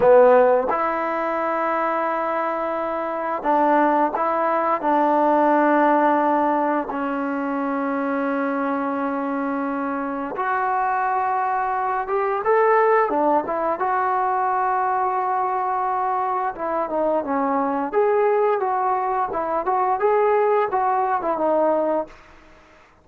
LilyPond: \new Staff \with { instrumentName = "trombone" } { \time 4/4 \tempo 4 = 87 b4 e'2.~ | e'4 d'4 e'4 d'4~ | d'2 cis'2~ | cis'2. fis'4~ |
fis'4. g'8 a'4 d'8 e'8 | fis'1 | e'8 dis'8 cis'4 gis'4 fis'4 | e'8 fis'8 gis'4 fis'8. e'16 dis'4 | }